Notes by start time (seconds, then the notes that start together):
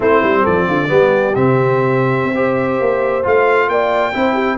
0.00 A3 C4 E4 C5
0.23 G3
0.43 F3 A4 D5
0.67 D3 F4
0.87 G3 B3 G4
1.35 C3 C4 E5
2.24 C4
2.34 G4 C5
2.80 A#3
3.23 A3 F4 F5
3.69 A#3 D5 G5
4.13 C4 E4 C5
4.33 G4